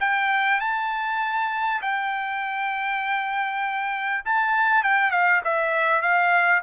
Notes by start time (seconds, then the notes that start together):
0.00 G5
0.60 A5
1.82 G5
4.25 A5
4.83 G5
5.11 F5
5.44 E5
6.02 F5